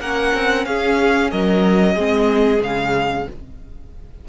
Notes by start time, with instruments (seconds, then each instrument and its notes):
0.00 cello A#3, viola C#4, violin A#4 F#5
0.34 cello C4
0.65 cello C#4, violin G#4 F5
1.31 cello F#3, violin A#4 D#5
1.94 cello G#3, viola C4, violin G#4
2.60 cello C#3, viola G#3, violin F5